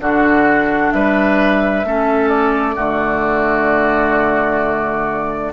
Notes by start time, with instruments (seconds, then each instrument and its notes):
0.00 bassoon D3, clarinet D4, oboe F#4, flute F#5
0.92 bassoon G3, oboe B4, flute E5
1.84 bassoon A3, clarinet C#4, oboe A4
2.29 flute D5
2.75 bassoon D3, clarinet A3, oboe F#4